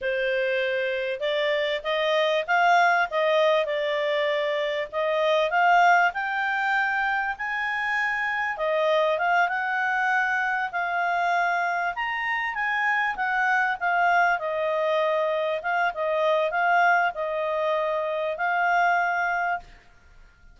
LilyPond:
\new Staff \with { instrumentName = "clarinet" } { \time 4/4 \tempo 4 = 98 c''2 d''4 dis''4 | f''4 dis''4 d''2 | dis''4 f''4 g''2 | gis''2 dis''4 f''8 fis''8~ |
fis''4. f''2 ais''8~ | ais''8 gis''4 fis''4 f''4 dis''8~ | dis''4. f''8 dis''4 f''4 | dis''2 f''2 | }